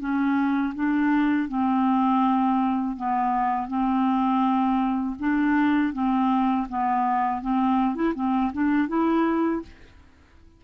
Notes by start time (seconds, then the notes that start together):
0.00 C#4
0.75 D4
1.48 C4
2.96 B3
3.68 C4
5.20 D4
5.93 C4
6.69 B3
7.42 C4
7.95 E4
8.15 C4
8.53 D4
8.88 E4